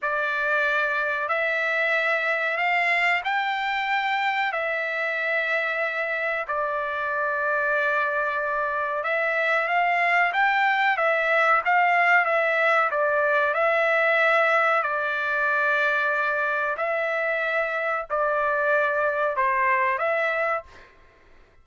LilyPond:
\new Staff \with { instrumentName = "trumpet" } { \time 4/4 \tempo 4 = 93 d''2 e''2 | f''4 g''2 e''4~ | e''2 d''2~ | d''2 e''4 f''4 |
g''4 e''4 f''4 e''4 | d''4 e''2 d''4~ | d''2 e''2 | d''2 c''4 e''4 | }